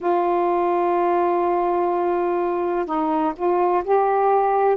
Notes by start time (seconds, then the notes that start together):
0.00 F4
2.85 D#4
3.35 F4
3.84 G4